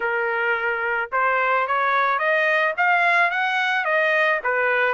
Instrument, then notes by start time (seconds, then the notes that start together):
trumpet
0.00 A#4
1.12 C5
1.67 C#5
2.18 D#5
2.77 F5
3.30 F#5
3.85 D#5
4.43 B4